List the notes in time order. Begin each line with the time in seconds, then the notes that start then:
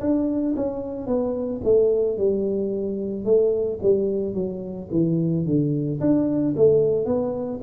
0.00 D4
0.56 C#4
1.07 B3
1.64 A3
2.18 G3
3.25 A3
3.82 G3
4.34 F#3
4.91 E3
5.45 D3
6.00 D4
6.56 A3
7.06 B3